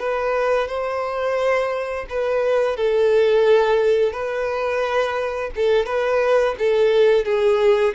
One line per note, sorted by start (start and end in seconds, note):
0.00 0.68 B4
0.68 2.06 C5
2.10 2.77 B4
2.77 4.13 A4
4.13 5.51 B4
5.56 5.86 A4
5.86 6.55 B4
6.59 7.25 A4
7.25 7.94 G#4